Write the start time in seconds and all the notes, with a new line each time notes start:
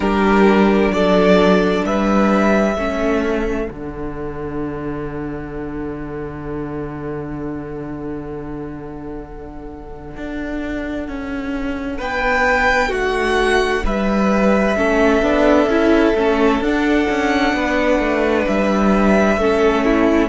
0.00 G3 D4 G4 A#4
0.89 F#3 A4 D5
1.84 G3 B4 E5
2.76 A3 C#4 A4
3.67 D3 D4 F#5
10.17 D4
11.08 C#4
11.97 B3 B4 G5
12.88 A3 F#4 F#5
13.85 G3 B4 E5
14.76 A3 C#4 A4
15.22 B3 D4
15.66 C#4 E4
16.15 A3 C#4
16.59 D4 F#5
17.09 C#4
17.53 B3 B4
17.99 A3
18.47 G3 E5
19.36 A3 C#4 A4
19.85 E4